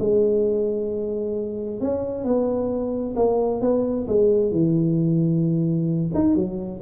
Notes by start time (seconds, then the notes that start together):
0.00 G#3
1.81 C#4
2.25 B3
3.17 A#3
3.62 B3
4.08 G#3
4.52 E3
6.15 D#4
6.36 F#3